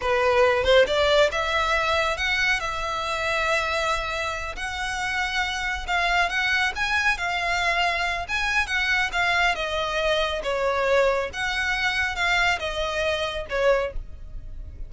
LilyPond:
\new Staff \with { instrumentName = "violin" } { \time 4/4 \tempo 4 = 138 b'4. c''8 d''4 e''4~ | e''4 fis''4 e''2~ | e''2~ e''8 fis''4.~ | fis''4. f''4 fis''4 gis''8~ |
gis''8 f''2~ f''8 gis''4 | fis''4 f''4 dis''2 | cis''2 fis''2 | f''4 dis''2 cis''4 | }